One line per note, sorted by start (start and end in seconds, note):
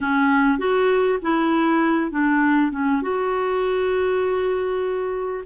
0.00 0.58 C#4
0.58 1.19 F#4
1.21 2.11 E4
2.11 2.71 D4
2.71 3.01 C#4
3.02 5.44 F#4